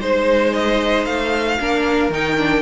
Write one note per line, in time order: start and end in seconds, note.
0.00 1.07 G#3
0.00 1.59 D#4
0.00 1.58 C5
0.00 0.54 C5
0.54 1.06 D#5
1.06 1.59 A3
1.06 2.11 F5
1.60 2.10 A#3
1.60 2.13 D4
1.60 2.63 A#4
2.10 2.62 D#3
2.10 2.38 D#4
2.10 2.63 G5
2.38 2.63 D4